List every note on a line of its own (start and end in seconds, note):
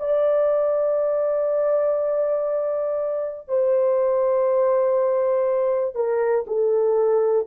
0.00 3.49 D5
3.49 5.96 C5
5.96 6.46 A#4
6.48 7.48 A4